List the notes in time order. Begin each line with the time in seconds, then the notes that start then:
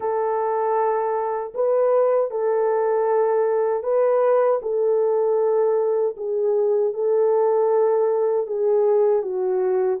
0.00 A4
1.54 B4
2.30 A4
3.83 B4
4.62 A4
6.16 G#4
6.93 A4
8.46 G#4
9.22 F#4